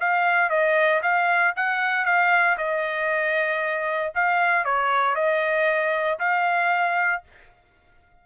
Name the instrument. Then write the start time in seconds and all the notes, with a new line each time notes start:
trumpet
0.00 F5
0.50 D#5
1.03 F5
1.56 F#5
2.05 F5
2.58 D#5
4.15 F5
4.65 C#5
5.15 D#5
6.19 F5